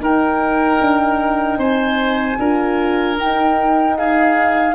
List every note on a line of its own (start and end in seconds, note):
0.00 0.79 D#4
0.00 2.38 D#4
0.00 1.59 A#4
0.00 1.59 G5
0.81 1.58 D4
1.58 2.37 C4
1.58 2.38 C5
1.58 3.17 G#5
2.39 3.17 D4
2.39 3.18 F4
2.39 3.97 A#4
3.17 4.75 D#4
3.17 3.97 G5
3.97 4.75 G#4
3.97 4.75 F5